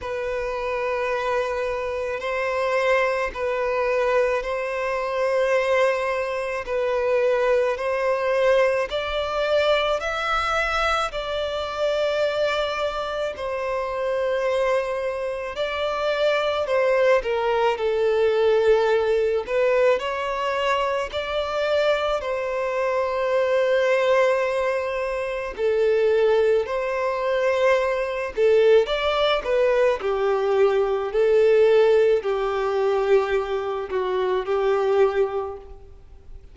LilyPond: \new Staff \with { instrumentName = "violin" } { \time 4/4 \tempo 4 = 54 b'2 c''4 b'4 | c''2 b'4 c''4 | d''4 e''4 d''2 | c''2 d''4 c''8 ais'8 |
a'4. b'8 cis''4 d''4 | c''2. a'4 | c''4. a'8 d''8 b'8 g'4 | a'4 g'4. fis'8 g'4 | }